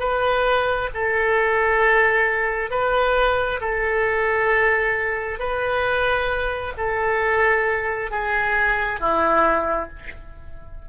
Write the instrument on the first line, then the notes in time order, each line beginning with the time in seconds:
oboe
0.00 B4
0.94 A4
2.71 B4
3.61 A4
5.39 B4
6.77 A4
8.11 G#4
9.00 E4